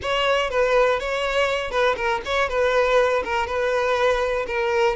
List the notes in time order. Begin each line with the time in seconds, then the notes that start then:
0.02 C#5
0.50 B4
0.99 C#5
1.70 B4
1.96 A#4
2.25 C#5
2.48 B4
3.24 A#4
3.47 B4
4.47 A#4